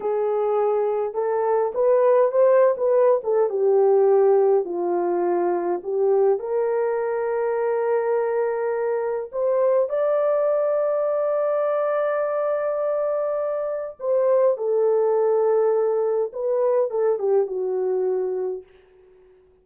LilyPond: \new Staff \with { instrumentName = "horn" } { \time 4/4 \tempo 4 = 103 gis'2 a'4 b'4 | c''8. b'8. a'8 g'2 | f'2 g'4 ais'4~ | ais'1 |
c''4 d''2.~ | d''1 | c''4 a'2. | b'4 a'8 g'8 fis'2 | }